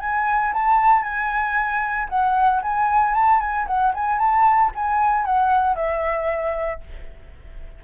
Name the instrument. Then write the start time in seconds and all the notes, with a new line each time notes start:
flute
0.00 G#5
0.53 A5
1.02 G#5
2.09 F#5
2.62 G#5
3.14 A5
3.40 G#5
3.67 F#5
3.94 G#5
4.18 A5
4.74 G#5
5.25 F#5
5.75 E5